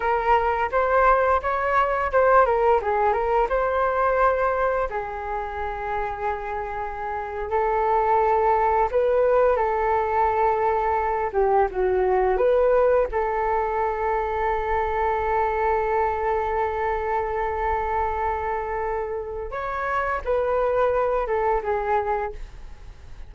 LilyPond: \new Staff \with { instrumentName = "flute" } { \time 4/4 \tempo 4 = 86 ais'4 c''4 cis''4 c''8 ais'8 | gis'8 ais'8 c''2 gis'4~ | gis'2~ gis'8. a'4~ a'16~ | a'8. b'4 a'2~ a'16~ |
a'16 g'8 fis'4 b'4 a'4~ a'16~ | a'1~ | a'1 | cis''4 b'4. a'8 gis'4 | }